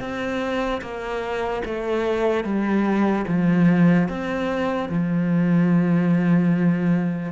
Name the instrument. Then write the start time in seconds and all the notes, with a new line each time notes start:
cello
0.00 C4
0.81 A#3
1.65 A3
2.44 G3
3.28 F3
4.08 C4
4.89 F3